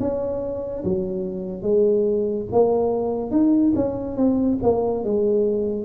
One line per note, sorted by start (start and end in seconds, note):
0.00 0.83 C#4
0.84 1.62 F#3
1.62 2.45 G#3
2.52 3.31 A#3
3.31 3.73 D#4
3.75 4.17 C#4
4.17 4.58 C4
4.62 5.04 A#3
5.04 5.85 G#3